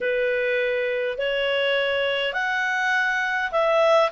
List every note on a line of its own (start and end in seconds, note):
0.01 1.18 B4
1.18 2.33 C#5
2.33 3.51 F#5
3.51 4.10 E5